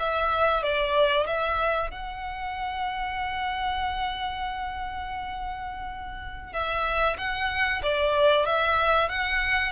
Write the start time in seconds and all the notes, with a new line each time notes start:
0.00 E5
0.63 D5
1.27 E5
1.91 F#5
6.53 E5
7.18 F#5
7.83 D5
8.46 E5
9.09 F#5